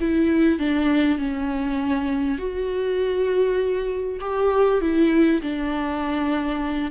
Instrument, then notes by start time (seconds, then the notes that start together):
viola
0.00 E4
0.59 D4
1.18 C#4
2.38 F#4
4.20 G4
4.81 E4
5.42 D4